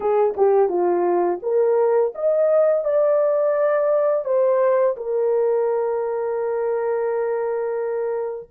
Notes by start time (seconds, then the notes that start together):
0.00 G#4
0.37 G4
0.68 F4
1.42 A#4
2.14 D#5
2.84 D5
4.24 C5
4.96 A#4